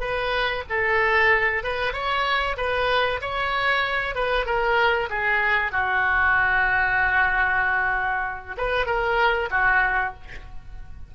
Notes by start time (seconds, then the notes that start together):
0.00 B4
0.69 A4
1.63 B4
1.93 C#5
2.57 B4
3.21 C#5
4.15 B4
4.46 A#4
5.10 G#4
5.72 F#4
8.57 B4
8.86 A#4
9.51 F#4